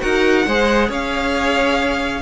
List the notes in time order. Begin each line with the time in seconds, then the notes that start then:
0.00 D#4 F#4 A#4 F#5
0.46 G#3 G#4 C5
0.89 C#4 C#5 F5